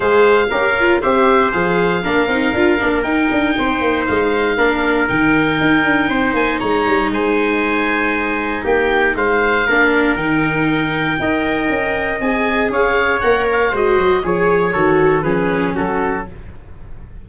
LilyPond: <<
  \new Staff \with { instrumentName = "oboe" } { \time 4/4 \tempo 4 = 118 f''2 e''4 f''4~ | f''2 g''2 | f''2 g''2~ | g''8 gis''8 ais''4 gis''2~ |
gis''4 g''4 f''2 | g''1 | gis''4 f''4 fis''8 f''8 dis''4 | cis''2 b'4 a'4 | }
  \new Staff \with { instrumentName = "trumpet" } { \time 4/4 c''4 ais'4 c''2 | ais'2. c''4~ | c''4 ais'2. | c''4 cis''4 c''2~ |
c''4 g'4 c''4 ais'4~ | ais'2 dis''2~ | dis''4 cis''2 c''4 | cis''4 a'4 gis'4 fis'4 | }
  \new Staff \with { instrumentName = "viola" } { \time 4/4 gis'4 g'8 f'8 g'4 gis'4 | d'8 dis'8 f'8 d'8 dis'2~ | dis'4 d'4 dis'2~ | dis'1~ |
dis'2. d'4 | dis'2 ais'2 | gis'2 ais'4 fis'4 | gis'4 fis'4 cis'2 | }
  \new Staff \with { instrumentName = "tuba" } { \time 4/4 gis4 cis'4 c'4 f4 | ais8 c'8 d'8 ais8 dis'8 d'8 c'8 ais8 | gis4 ais4 dis4 dis'8 d'8 | c'8 ais8 gis8 g8 gis2~ |
gis4 ais4 gis4 ais4 | dis2 dis'4 cis'4 | c'4 cis'4 ais4 gis8 fis8 | f4 dis4 f4 fis4 | }
>>